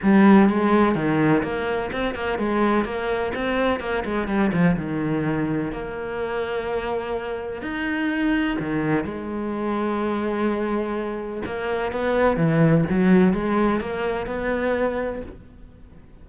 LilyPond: \new Staff \with { instrumentName = "cello" } { \time 4/4 \tempo 4 = 126 g4 gis4 dis4 ais4 | c'8 ais8 gis4 ais4 c'4 | ais8 gis8 g8 f8 dis2 | ais1 |
dis'2 dis4 gis4~ | gis1 | ais4 b4 e4 fis4 | gis4 ais4 b2 | }